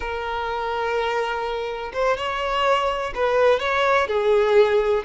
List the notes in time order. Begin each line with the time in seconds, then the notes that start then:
0.00 A#4
1.93 C5
2.17 C#5
3.14 B4
3.59 C#5
4.07 G#4